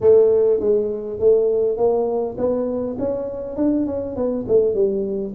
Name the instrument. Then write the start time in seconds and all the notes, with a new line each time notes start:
tuba
0.00 A3
0.60 G#3
1.19 A3
1.77 A#3
2.37 B3
2.98 C#4
3.56 D4
3.86 C#4
4.16 B3
4.47 A3
4.74 G3